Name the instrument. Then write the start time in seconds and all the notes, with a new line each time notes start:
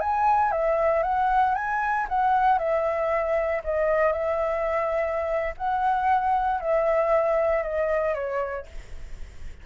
flute
0.00 G#5
0.52 E5
1.03 F#5
1.55 G#5
2.09 F#5
2.58 E5
3.64 D#5
4.12 E5
5.57 F#5
6.60 E5
7.63 D#5
8.14 C#5